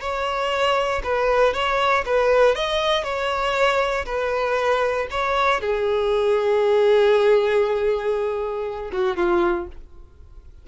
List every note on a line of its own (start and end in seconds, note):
0.00 1.02 C#5
1.04 1.53 B4
1.53 2.04 C#5
2.05 2.55 B4
2.55 3.03 D#5
3.03 4.05 C#5
4.05 5.07 B4
5.11 5.60 C#5
5.60 8.91 G#4
8.92 9.16 F#4
9.16 9.67 F4